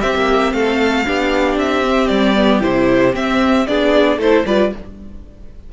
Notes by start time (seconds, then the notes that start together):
0.00 C4 G4 E5
0.14 A#3
0.52 A3 A4 F5
1.05 B3 D4 G4
1.55 C4 E5
1.84 C4
2.07 G3 D5
2.35 B3
2.60 C3 E4 C5
3.13 C4 E5
3.66 B3 D4 G#4 D5
4.17 A3 E4 A4 C5
4.46 G3 F4 B4 D5